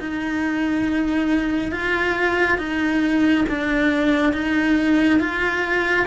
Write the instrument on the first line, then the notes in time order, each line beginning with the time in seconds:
cello
0.00 D#4
1.72 F4
2.58 D#4
3.49 D4
4.33 D#4
5.20 F4